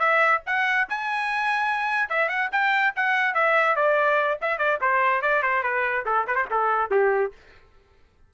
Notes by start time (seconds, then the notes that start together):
0.00 E5
0.47 F#5
0.89 G#5
2.10 E5
2.29 F#5
2.52 G5
2.96 F#5
3.35 E5
3.76 D5
4.42 E5
4.59 D5
4.82 C5
5.22 D5
5.43 C5
5.63 B4
6.06 A4
6.27 B4
6.36 C5
6.51 A4
6.91 G4